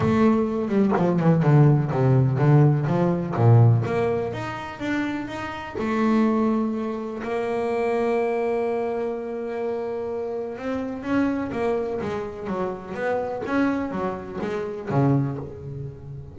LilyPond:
\new Staff \with { instrumentName = "double bass" } { \time 4/4 \tempo 4 = 125 a4. g8 f8 e8 d4 | c4 d4 f4 ais,4 | ais4 dis'4 d'4 dis'4 | a2. ais4~ |
ais1~ | ais2 c'4 cis'4 | ais4 gis4 fis4 b4 | cis'4 fis4 gis4 cis4 | }